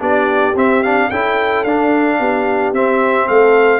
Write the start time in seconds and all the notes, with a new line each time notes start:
0.00 B3 D4 G4 D5
0.55 C4 E5
0.83 D4 F5
1.10 C#4 E4 A4 G5
1.64 D4 F5
2.20 B3 G4
2.73 C4 E5
3.28 A3 A4 F5